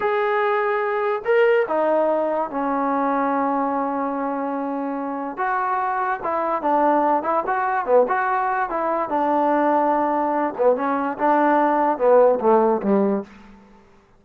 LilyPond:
\new Staff \with { instrumentName = "trombone" } { \time 4/4 \tempo 4 = 145 gis'2. ais'4 | dis'2 cis'2~ | cis'1~ | cis'4 fis'2 e'4 |
d'4. e'8 fis'4 b8 fis'8~ | fis'4 e'4 d'2~ | d'4. b8 cis'4 d'4~ | d'4 b4 a4 g4 | }